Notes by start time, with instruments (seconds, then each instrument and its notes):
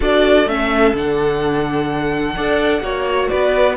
0.00 cello D4, viola F#4, violin A4 D5
0.45 cello A3, viola C#4, violin E5
0.93 cello D3, viola D4, violin F#5
2.35 cello D4, viola A4, violin D5
2.81 cello A#3, viola F#4, violin C#5
3.28 cello B3, violin B4 D5